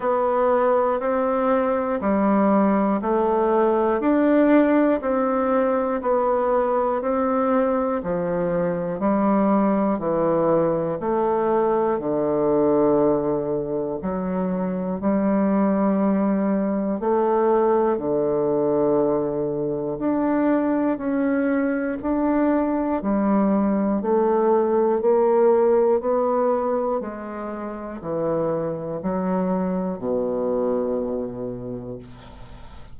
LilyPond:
\new Staff \with { instrumentName = "bassoon" } { \time 4/4 \tempo 4 = 60 b4 c'4 g4 a4 | d'4 c'4 b4 c'4 | f4 g4 e4 a4 | d2 fis4 g4~ |
g4 a4 d2 | d'4 cis'4 d'4 g4 | a4 ais4 b4 gis4 | e4 fis4 b,2 | }